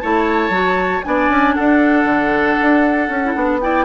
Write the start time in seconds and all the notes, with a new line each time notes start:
0.00 A3 E4 C#5 A5
0.50 F#3 F#4
1.04 B3 D4 D5 G#5
1.29 C#4
1.55 D4 A4 F#5
2.05 D3
2.62 D4
3.09 C#4
3.24 E4
3.34 B3 D4
3.60 E4 D5 G5